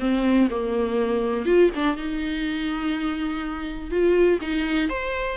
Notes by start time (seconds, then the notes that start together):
0.00 C4
0.50 A#3
1.46 F4
1.76 D4
1.96 D#4
3.91 F4
4.41 D#4
4.89 C5